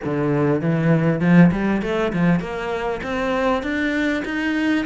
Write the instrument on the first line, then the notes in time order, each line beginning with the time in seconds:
cello
0.04 D3
0.61 E3
1.20 F3
1.51 G3
1.82 A3
2.12 F3
2.40 A#3
3.03 C4
3.62 D4
4.25 D#4